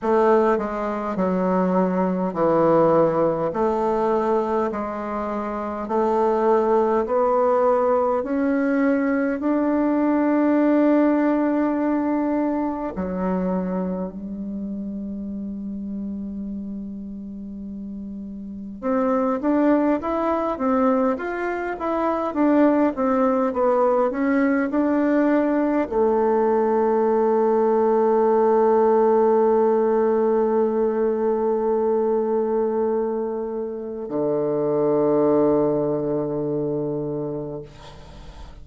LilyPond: \new Staff \with { instrumentName = "bassoon" } { \time 4/4 \tempo 4 = 51 a8 gis8 fis4 e4 a4 | gis4 a4 b4 cis'4 | d'2. fis4 | g1 |
c'8 d'8 e'8 c'8 f'8 e'8 d'8 c'8 | b8 cis'8 d'4 a2~ | a1~ | a4 d2. | }